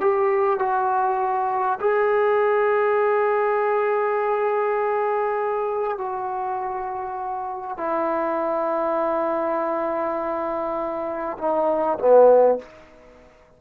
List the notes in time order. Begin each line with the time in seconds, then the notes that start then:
0.00 G4
0.59 F#4
1.80 G#4
5.98 F#4
7.77 E4
11.38 D#4
11.98 B3